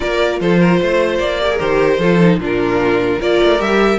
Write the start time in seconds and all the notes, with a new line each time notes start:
0.00 A#3 F4 A#4 D5
0.40 F3 A4 C5
0.59 A#4
0.81 A3 C5
1.18 A#3 D5
1.40 G4 A#4
1.51 G#4
1.59 D#3 G4 C5
1.98 F3 F4 A4
2.20 D#4
2.38 A#2 D4 F4
2.45 A#4
3.19 A#3 F4 A#4 D5
3.42 A3
3.58 G3 G4 E5